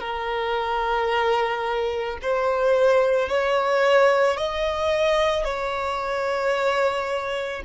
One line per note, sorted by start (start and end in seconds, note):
0.00 2.18 A#4
2.22 3.29 C5
3.29 4.37 C#5
4.37 5.44 D#5
5.44 7.63 C#5